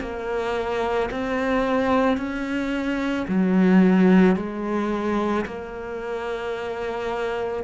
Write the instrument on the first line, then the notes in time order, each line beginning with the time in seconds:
cello
0.00 A#3
1.11 C4
2.17 C#4
3.28 F#3
4.36 G#3
5.45 A#3